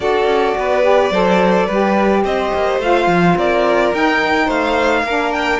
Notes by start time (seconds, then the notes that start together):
0.00 D4 F#4 A4 D5
0.25 C#4
0.57 B3 B4
0.82 G4
1.10 F#3 A4 C5
1.65 G3 G4 B4
2.24 C4 C5 D#5
2.53 A#3
2.78 A3 F4 F5
3.06 F3
3.36 C4 A#4 D5
3.93 D#4 G5
4.45 A3 C5 F5
5.02 A#3 D4 A#4
5.32 G5